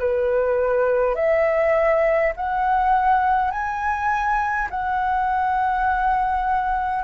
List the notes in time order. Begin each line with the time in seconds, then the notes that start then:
0.00 B4
1.16 E5
2.37 F#5
3.51 G#5
4.71 F#5